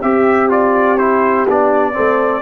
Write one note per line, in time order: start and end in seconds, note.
0.00 1.48 C4
0.00 1.94 G4
0.00 0.50 G4
0.00 0.50 E5
0.50 0.98 F4
0.50 0.98 D5
0.98 1.48 E4
0.98 1.47 C5
1.48 1.96 B3
1.48 1.93 D4
1.48 2.43 D5
1.93 2.43 A3
1.93 2.42 C4
1.93 2.43 A4